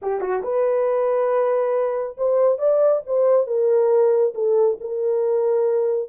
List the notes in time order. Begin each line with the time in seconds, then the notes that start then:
0.02 G4
0.20 F#4
0.42 B4
2.17 C5
2.58 D5
3.06 C5
3.46 A#4
4.34 A4
4.80 A#4